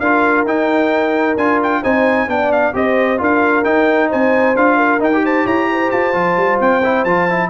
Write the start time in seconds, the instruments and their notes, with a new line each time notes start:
0.00 tuba D4, trombone F4, horn A#4, trumpet F5
0.45 tuba D#4, trombone D#4, trumpet G5
1.37 tuba D4, trombone F4, trumpet G#5
1.63 trumpet G5
1.82 tuba C4, trombone D#4, horn C5, trumpet G#5
2.28 tuba B3, trombone D4, horn D5, trumpet G5
2.52 trumpet F5
2.73 tuba C4, trombone G4, horn C5, trumpet D#5
3.18 tuba D4, trombone F4, horn A#4, trumpet F5
3.64 trombone D#4, tuba D#4, trumpet G5
4.09 tuba C4, horn C5, trumpet G#5
4.56 tuba D4, trombone F4, trumpet F5
4.77 horn A#4
5.00 trombone D#4, tuba D#4, trumpet G5
5.13 trombone G4
5.25 horn C5, trumpet A5
5.44 tuba E4, horn C#5, trumpet A#5
5.71 horn C5
5.91 tuba F4, trumpet A5
6.14 tuba F3, trombone F4
6.37 tuba G3
6.60 tuba C4, trumpet G5
6.84 trombone E4
7.04 tuba F3, trombone F4, trumpet A5
7.30 trombone E4